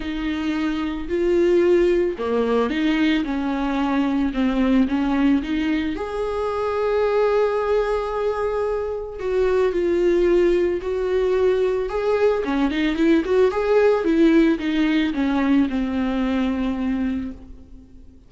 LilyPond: \new Staff \with { instrumentName = "viola" } { \time 4/4 \tempo 4 = 111 dis'2 f'2 | ais4 dis'4 cis'2 | c'4 cis'4 dis'4 gis'4~ | gis'1~ |
gis'4 fis'4 f'2 | fis'2 gis'4 cis'8 dis'8 | e'8 fis'8 gis'4 e'4 dis'4 | cis'4 c'2. | }